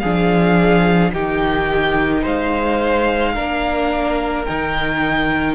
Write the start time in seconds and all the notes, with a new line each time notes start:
0.00 F3 D4 G#4 F5
1.13 D#3 D#4 G4 G5
2.22 G#3 C5 F5
3.33 A#3 D4 A#4
4.45 D#3 D#4 G5